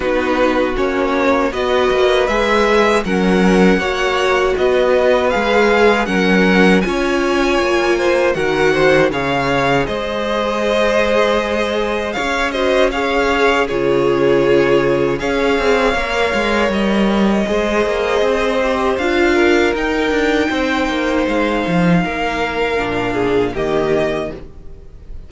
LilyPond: <<
  \new Staff \with { instrumentName = "violin" } { \time 4/4 \tempo 4 = 79 b'4 cis''4 dis''4 e''4 | fis''2 dis''4 f''4 | fis''4 gis''2 fis''4 | f''4 dis''2. |
f''8 dis''8 f''4 cis''2 | f''2 dis''2~ | dis''4 f''4 g''2 | f''2. dis''4 | }
  \new Staff \with { instrumentName = "violin" } { \time 4/4 fis'2 b'2 | ais'4 cis''4 b'2 | ais'4 cis''4. c''8 ais'8 c''8 | cis''4 c''2. |
cis''8 c''8 cis''4 gis'2 | cis''2. c''4~ | c''4. ais'4. c''4~ | c''4 ais'4. gis'8 g'4 | }
  \new Staff \with { instrumentName = "viola" } { \time 4/4 dis'4 cis'4 fis'4 gis'4 | cis'4 fis'2 gis'4 | cis'4 f'2 fis'4 | gis'1~ |
gis'8 fis'8 gis'4 f'2 | gis'4 ais'2 gis'4~ | gis'8 g'8 f'4 dis'2~ | dis'2 d'4 ais4 | }
  \new Staff \with { instrumentName = "cello" } { \time 4/4 b4 ais4 b8 ais8 gis4 | fis4 ais4 b4 gis4 | fis4 cis'4 ais4 dis4 | cis4 gis2. |
cis'2 cis2 | cis'8 c'8 ais8 gis8 g4 gis8 ais8 | c'4 d'4 dis'8 d'8 c'8 ais8 | gis8 f8 ais4 ais,4 dis4 | }
>>